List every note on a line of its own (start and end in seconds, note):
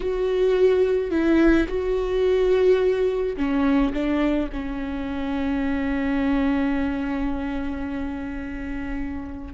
0.00 1.11 F#4
1.11 1.67 E4
1.68 3.36 F#4
3.36 3.93 C#4
3.93 4.49 D4
4.52 9.53 C#4